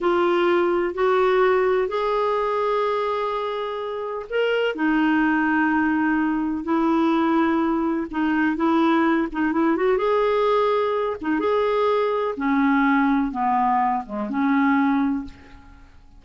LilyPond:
\new Staff \with { instrumentName = "clarinet" } { \time 4/4 \tempo 4 = 126 f'2 fis'2 | gis'1~ | gis'4 ais'4 dis'2~ | dis'2 e'2~ |
e'4 dis'4 e'4. dis'8 | e'8 fis'8 gis'2~ gis'8 dis'8 | gis'2 cis'2 | b4. gis8 cis'2 | }